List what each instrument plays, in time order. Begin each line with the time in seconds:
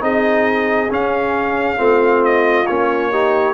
0.00 tuba C4, trombone D#4, horn G#4, trumpet D#5
0.90 trombone C#4, tuba C#4, trumpet F5
1.77 tuba A3, trombone C4, horn F4
2.24 trumpet D#5
2.66 tuba A#3, trombone C#4, trumpet C#5
3.10 trombone D#4, horn G4